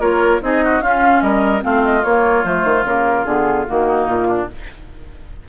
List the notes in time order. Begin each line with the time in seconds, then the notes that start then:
0.00 A#3 F4 A#4 C#5
0.41 C4 D#4 G#4 D#5
0.64 F#4
0.81 C#4 F4 F5
1.21 G3 A#4 D#5
1.61 A3 C4 F4 F5
1.84 D#5
2.04 A#3 C#5
2.44 F3 A3 C5
2.64 D#3
2.84 C#3 A#3 A#4
3.25 D3 B3 G#4
3.67 D#3 A#3 F#4
3.87 D#4
4.07 A#2 F4
4.28 D4